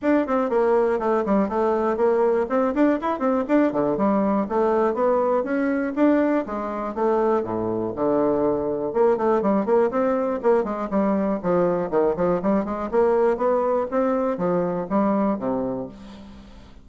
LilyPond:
\new Staff \with { instrumentName = "bassoon" } { \time 4/4 \tempo 4 = 121 d'8 c'8 ais4 a8 g8 a4 | ais4 c'8 d'8 e'8 c'8 d'8 d8 | g4 a4 b4 cis'4 | d'4 gis4 a4 a,4 |
d2 ais8 a8 g8 ais8 | c'4 ais8 gis8 g4 f4 | dis8 f8 g8 gis8 ais4 b4 | c'4 f4 g4 c4 | }